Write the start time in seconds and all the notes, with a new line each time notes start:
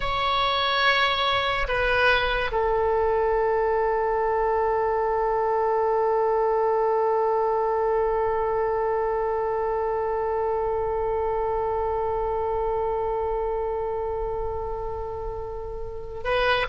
0.00 C#5
1.67 B4
2.51 A4
16.24 B4